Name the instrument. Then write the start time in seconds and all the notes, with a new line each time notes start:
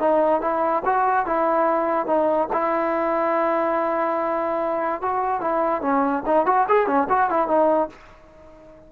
trombone
0.00 D#4
0.41 E4
0.86 F#4
1.26 E4
2.07 D#4
2.53 E4
5.02 F#4
5.41 E4
5.82 C#4
6.27 D#4
6.46 F#4
6.69 G#4
6.87 C#4
7.10 F#4
7.30 E4
7.48 D#4